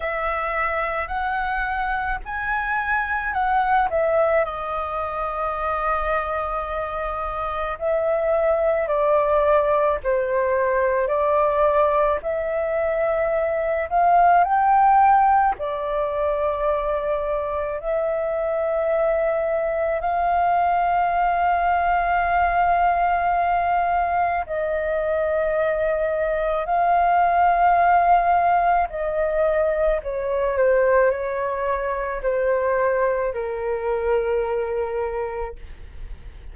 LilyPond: \new Staff \with { instrumentName = "flute" } { \time 4/4 \tempo 4 = 54 e''4 fis''4 gis''4 fis''8 e''8 | dis''2. e''4 | d''4 c''4 d''4 e''4~ | e''8 f''8 g''4 d''2 |
e''2 f''2~ | f''2 dis''2 | f''2 dis''4 cis''8 c''8 | cis''4 c''4 ais'2 | }